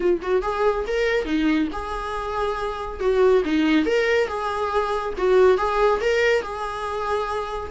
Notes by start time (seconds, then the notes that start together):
0.00 F4
0.21 F#4
0.42 G#4
0.87 A#4
1.25 D#4
1.72 G#4
2.99 F#4
3.44 D#4
3.85 A#4
4.27 G#4
5.17 F#4
5.57 G#4
6.00 A#4
6.42 G#4